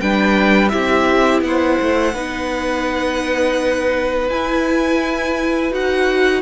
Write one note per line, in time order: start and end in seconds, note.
0.00 0.73 G3
0.00 0.70 D4
0.00 0.72 B4
0.00 0.68 G5
0.68 1.41 C4
0.68 2.13 E4
0.68 1.43 G4
0.68 1.40 E5
1.41 1.77 B3
1.41 2.14 C5
1.41 4.29 F#5
1.81 2.14 A3
2.14 4.29 B3
2.14 4.29 D#4
2.14 6.42 B4
4.29 5.71 E4
4.29 5.72 G#5
5.71 6.42 D#4
5.71 6.42 F#4
5.71 6.42 F#5